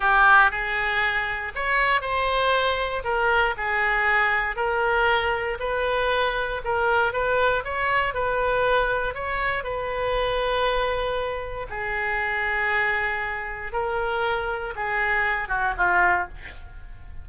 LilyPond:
\new Staff \with { instrumentName = "oboe" } { \time 4/4 \tempo 4 = 118 g'4 gis'2 cis''4 | c''2 ais'4 gis'4~ | gis'4 ais'2 b'4~ | b'4 ais'4 b'4 cis''4 |
b'2 cis''4 b'4~ | b'2. gis'4~ | gis'2. ais'4~ | ais'4 gis'4. fis'8 f'4 | }